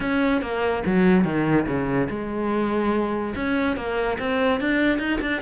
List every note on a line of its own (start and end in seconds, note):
0.00 0.41 C#4
0.41 0.83 A#3
0.86 1.24 F#3
1.24 1.66 D#3
1.66 2.08 C#3
2.09 3.34 G#3
3.35 3.76 C#4
3.76 4.18 A#3
4.19 4.60 C4
4.60 4.98 D4
4.98 5.19 D#4
5.21 5.41 D4